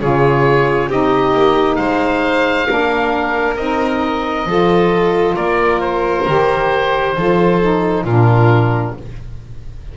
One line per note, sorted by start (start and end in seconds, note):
0.00 0.90 C#3
0.00 0.89 F4
0.00 0.89 G#4
0.00 0.90 C#5
0.89 1.33 C4
0.89 2.67 D#4
0.89 1.78 G4
0.89 1.76 D#5
1.33 1.78 A#3
1.76 2.68 G#3
1.76 2.68 C5
1.76 3.55 F5
2.67 3.57 A#3
2.67 3.57 D4
2.67 4.48 A#4
3.57 4.46 C4
3.57 4.47 D#4
3.57 5.36 D#5
4.46 5.35 F3
4.46 6.26 F4
4.46 5.35 A4
5.35 6.27 A#3
5.35 7.15 A#4
5.35 5.81 D5
5.81 8.04 C5
6.26 7.17 D#3
6.26 7.15 G4
7.17 8.04 F3
7.17 7.61 F4
7.17 8.04 A4
7.61 8.06 D#4
8.04 8.94 A#2
8.04 8.97 D4
8.04 8.94 F4
8.04 8.96 A#4